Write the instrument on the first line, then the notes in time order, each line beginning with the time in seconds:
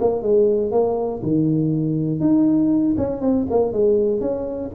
tuba
0.00 A#3
0.22 G#3
0.71 A#3
1.22 D#3
2.20 D#4
2.97 C#4
3.21 C4
3.50 A#3
3.72 G#3
4.20 C#4